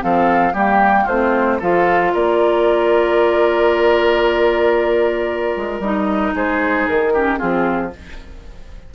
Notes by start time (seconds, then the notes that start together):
0.00 F3 C4 A4 F5
0.53 G3 A#3 G4 G5
1.04 A3 F4 C5
1.10 C4
1.59 F3 F4 A4 F5
2.13 A#3 A#4 D5
5.56 G#3
5.80 G3 D#4 D#5
6.35 G#3 G#4 C5
6.87 D#3 A#4
7.13 C#4 G4
7.37 F3 C4 F4 G#4